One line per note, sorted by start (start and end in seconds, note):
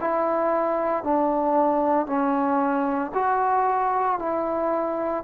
0.00 1.03 E4
1.03 2.06 D4
2.06 3.11 C#4
3.13 4.19 F#4
4.19 5.24 E4